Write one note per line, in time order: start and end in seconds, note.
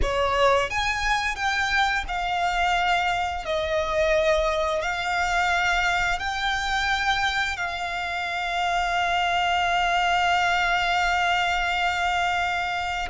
0.02 0.70 C#5
0.70 1.35 G#5
1.35 2.04 G5
2.08 3.45 F5
3.45 4.82 D#5
4.82 6.19 F5
6.19 7.56 G5
7.56 13.08 F5